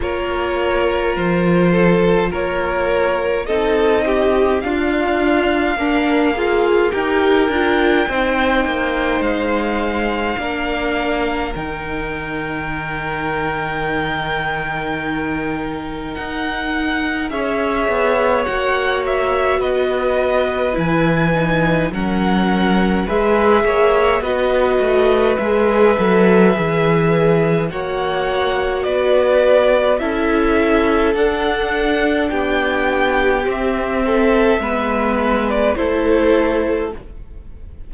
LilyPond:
<<
  \new Staff \with { instrumentName = "violin" } { \time 4/4 \tempo 4 = 52 cis''4 c''4 cis''4 dis''4 | f''2 g''2 | f''2 g''2~ | g''2 fis''4 e''4 |
fis''8 e''8 dis''4 gis''4 fis''4 | e''4 dis''4 e''2 | fis''4 d''4 e''4 fis''4 | g''4 e''4.~ e''16 d''16 c''4 | }
  \new Staff \with { instrumentName = "violin" } { \time 4/4 ais'4. a'8 ais'4 a'8 g'8 | f'4 d'8 f'8 ais'4 c''4~ | c''4 ais'2.~ | ais'2. cis''4~ |
cis''4 b'2 ais'4 | b'8 cis''8 b'2. | cis''4 b'4 a'2 | g'4. a'8 b'4 a'4 | }
  \new Staff \with { instrumentName = "viola" } { \time 4/4 f'2. dis'4 | d'4 ais'8 gis'8 g'8 f'8 dis'4~ | dis'4 d'4 dis'2~ | dis'2. gis'4 |
fis'2 e'8 dis'8 cis'4 | gis'4 fis'4 gis'8 a'8 gis'4 | fis'2 e'4 d'4~ | d'4 c'4 b4 e'4 | }
  \new Staff \with { instrumentName = "cello" } { \time 4/4 ais4 f4 ais4 c'4 | d'4 ais4 dis'8 d'8 c'8 ais8 | gis4 ais4 dis2~ | dis2 dis'4 cis'8 b8 |
ais4 b4 e4 fis4 | gis8 ais8 b8 a8 gis8 fis8 e4 | ais4 b4 cis'4 d'4 | b4 c'4 gis4 a4 | }
>>